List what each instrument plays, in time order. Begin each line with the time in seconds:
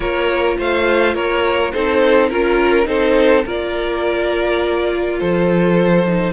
0.00 cello A#3, viola F4, violin A#4 C#5
0.57 cello A3, violin C5 F5
1.14 cello A#3, violin A#4 C#5
1.72 cello C4, viola D#4, violin A4 C5
2.29 cello C#4, viola F4, violin A#4
2.84 cello C4, viola D#4, violin A4 C5
3.44 cello A#3, viola F4, violin A#4 D5
5.19 cello F3, violin A4 C5
6.06 viola D#4